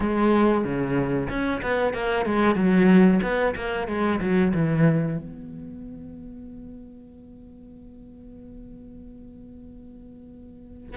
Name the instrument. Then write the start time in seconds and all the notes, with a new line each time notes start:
cello
0.00 G#3
0.64 C#3
1.29 C#4
1.62 B3
1.93 A#3
2.25 G#3
2.55 F#3
3.22 B3
3.55 A#3
3.87 G#3
4.20 F#3
4.53 E3
5.18 B3